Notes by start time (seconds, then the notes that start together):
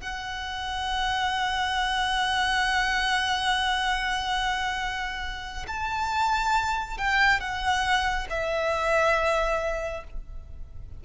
0.00 F#5
5.67 A5
6.97 G5
7.40 F#5
8.30 E5